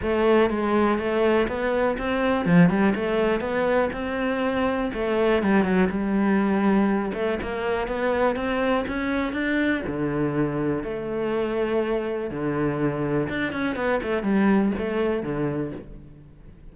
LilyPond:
\new Staff \with { instrumentName = "cello" } { \time 4/4 \tempo 4 = 122 a4 gis4 a4 b4 | c'4 f8 g8 a4 b4 | c'2 a4 g8 fis8 | g2~ g8 a8 ais4 |
b4 c'4 cis'4 d'4 | d2 a2~ | a4 d2 d'8 cis'8 | b8 a8 g4 a4 d4 | }